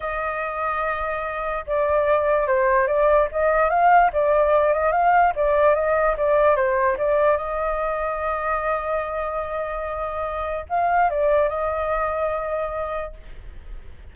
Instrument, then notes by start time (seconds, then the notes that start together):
flute
0.00 D#5
1.66 D5
2.47 C5
2.87 D5
3.31 D#5
3.69 F5
4.12 D5
4.73 D#5
4.92 F5
5.35 D5
5.74 D#5
6.17 D5
6.55 C5
6.97 D5
7.37 D#5
10.69 F5
11.10 D5
11.49 D#5